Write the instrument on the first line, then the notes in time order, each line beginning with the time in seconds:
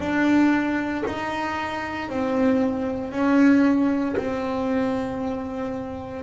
double bass
0.00 D4
1.06 D#4
2.09 C4
3.12 C#4
4.17 C4